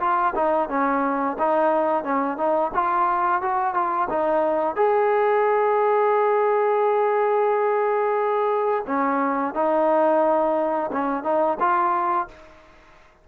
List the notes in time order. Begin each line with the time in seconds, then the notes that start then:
0.00 F4
0.35 D#4
0.69 C#4
1.39 D#4
2.04 C#4
2.37 D#4
2.74 F4
3.42 F#4
3.74 F4
4.09 D#4
4.76 G#4
8.87 C#4
9.54 D#4
10.92 C#4
11.23 D#4
11.60 F4